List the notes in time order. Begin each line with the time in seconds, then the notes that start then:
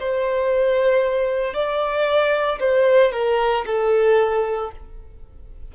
0.00 C5
1.54 D5
2.60 C5
3.13 A#4
3.67 A4